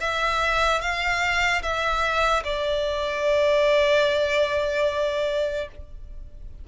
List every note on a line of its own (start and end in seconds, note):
0.00 0.81 E5
0.81 1.62 F5
1.62 2.43 E5
2.44 5.68 D5